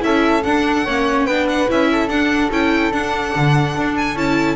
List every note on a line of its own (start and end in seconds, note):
0.00 0.45 C#4
0.00 0.41 E4
0.00 0.86 A4
0.00 0.44 E5
0.44 0.87 D4
0.44 1.27 F#5
0.86 1.26 A#3
0.86 1.30 C#4
0.86 1.27 C#5
1.26 1.67 B3
1.26 1.68 D4
1.26 1.89 B4
1.26 1.47 G5
1.49 1.70 F#5
1.68 2.08 C#4
1.68 2.09 E4
1.68 2.09 E5
1.92 4.57 A4
2.08 2.49 D4
2.08 2.52 D4
2.08 2.51 F#5
2.51 2.92 C#4
2.51 2.93 E4
2.51 2.93 G5
2.93 3.34 D4
2.93 4.16 D4
2.93 3.96 F#5
3.36 3.77 D3
3.78 4.16 D4
3.97 4.18 G#5
4.16 4.57 C#4
4.16 4.57 E4
4.16 4.57 A5